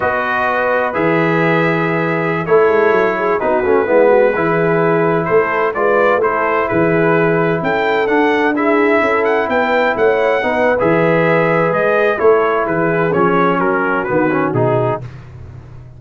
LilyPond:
<<
  \new Staff \with { instrumentName = "trumpet" } { \time 4/4 \tempo 4 = 128 dis''2 e''2~ | e''4~ e''16 cis''2 b'8.~ | b'2.~ b'16 c''8.~ | c''16 d''4 c''4 b'4.~ b'16~ |
b'16 g''4 fis''4 e''4. fis''16~ | fis''16 g''4 fis''4.~ fis''16 e''4~ | e''4 dis''4 cis''4 b'4 | cis''4 ais'4 b'4 gis'4 | }
  \new Staff \with { instrumentName = "horn" } { \time 4/4 b'1~ | b'4~ b'16 a'4. gis'8 fis'8.~ | fis'16 e'8 fis'8 gis'2 a'8.~ | a'16 b'4 a'4 gis'4.~ gis'16~ |
gis'16 a'2 gis'4 a'8.~ | a'16 b'4 cis''4 b'4.~ b'16~ | b'2 a'4 gis'4~ | gis'4 fis'2. | }
  \new Staff \with { instrumentName = "trombone" } { \time 4/4 fis'2 gis'2~ | gis'4~ gis'16 e'2 dis'8 cis'16~ | cis'16 b4 e'2~ e'8.~ | e'16 f'4 e'2~ e'8.~ |
e'4~ e'16 d'4 e'4.~ e'16~ | e'2~ e'16 dis'8. gis'4~ | gis'2 e'2 | cis'2 b8 cis'8 dis'4 | }
  \new Staff \with { instrumentName = "tuba" } { \time 4/4 b2 e2~ | e4~ e16 a8 gis8 fis4 b8 a16~ | a16 gis4 e2 a8.~ | a16 gis4 a4 e4.~ e16~ |
e16 cis'4 d'2 cis'8.~ | cis'16 b4 a4 b8. e4~ | e4 gis4 a4 e4 | f4 fis4 dis4 b,4 | }
>>